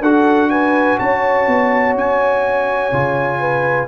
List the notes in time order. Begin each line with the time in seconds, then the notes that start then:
0.00 D4 F#4 A4 F#5
0.50 B4 G#5
0.98 C#4 C#5 A5
1.47 B3
1.94 C#4 G#5
2.92 C#3 F4
3.40 B4